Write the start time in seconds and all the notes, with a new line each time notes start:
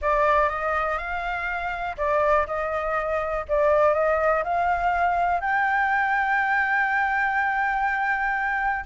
0.01 D5
0.49 D#5
0.97 F5
1.97 D5
2.46 D#5
3.48 D5
3.94 D#5
4.43 F5
5.41 G5